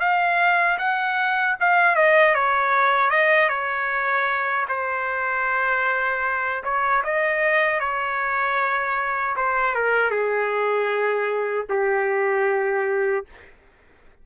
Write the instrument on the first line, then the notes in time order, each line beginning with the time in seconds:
trumpet
0.00 F5
0.78 F#5
1.60 F5
1.96 D#5
2.35 C#5
3.10 D#5
3.49 C#5
4.69 C5
6.64 C#5
7.04 D#5
7.80 C#5
9.36 C5
9.75 A#4
10.11 G#4
11.70 G4